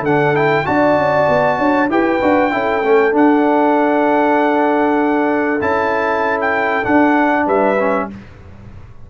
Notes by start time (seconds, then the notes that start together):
0.00 D3 A4 F#5
0.07 D4
0.34 E4 G5
0.65 D4 F#4 D5 A5
0.97 C#4
1.28 B3
1.58 D4 C#5
1.88 E4 G4 B4 G5
2.21 D4 F#4
2.51 C#4 E4 A4
2.83 A3 C#4
3.12 D4 F#5
5.60 C#4 E4 A5
6.40 G5
6.83 D4 F#5
7.45 G3 B4 E5
7.79 C#4